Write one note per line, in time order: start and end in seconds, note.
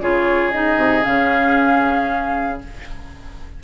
0.00 0.77 C#3
0.00 0.52 F4
0.00 2.63 G#4
0.00 0.51 C#5
0.51 1.02 D#4
0.51 1.04 D#5
0.77 1.03 C3
1.02 2.63 C#3
1.02 2.58 C#4
1.02 2.60 F5